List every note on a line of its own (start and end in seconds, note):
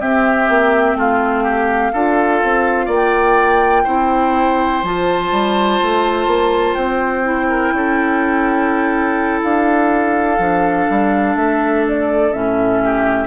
0.00 1.93 C4
0.00 0.49 C4
0.00 0.97 G4
0.00 0.97 E5
0.49 0.95 A#3
0.95 1.92 A3
0.95 1.44 F4
0.95 2.91 F5
1.44 1.92 G4
1.93 2.42 D4
1.93 3.86 F4
1.93 2.86 A4
2.43 2.87 C4
2.86 3.84 A#3
2.86 3.82 D5
2.86 4.84 G5
3.84 4.83 C4
3.84 4.83 E4
3.84 7.47 C5
4.83 5.31 F3
4.83 7.24 F4
4.83 6.74 A5
5.31 5.80 G3
5.82 6.27 A3
6.27 6.75 A#3
6.74 7.73 C4
6.74 9.40 G5
7.24 10.38 E4
7.49 7.73 A#4
7.73 9.42 C#4
7.73 12.83 A4
9.43 10.39 D4
9.43 11.36 F5
10.39 10.87 F3
10.39 12.32 D4
10.90 11.35 G3
11.35 12.32 A3
11.35 11.84 E5
11.88 12.33 D5
12.32 13.27 A2
12.32 13.27 C#4
12.32 13.27 E5
12.83 13.27 G4